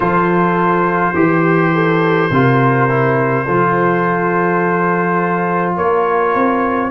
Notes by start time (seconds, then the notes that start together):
0.00 F3 F4 A4 C5
1.14 E3 G4
1.74 A4
2.30 C3 F4 A#4
2.89 E4
3.44 F3 F4 A4
5.76 A#3 A#4 C#5
6.34 C4